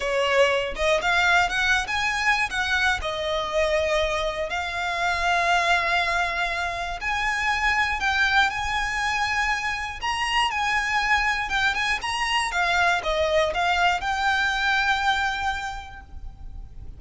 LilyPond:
\new Staff \with { instrumentName = "violin" } { \time 4/4 \tempo 4 = 120 cis''4. dis''8 f''4 fis''8. gis''16~ | gis''4 fis''4 dis''2~ | dis''4 f''2.~ | f''2 gis''2 |
g''4 gis''2. | ais''4 gis''2 g''8 gis''8 | ais''4 f''4 dis''4 f''4 | g''1 | }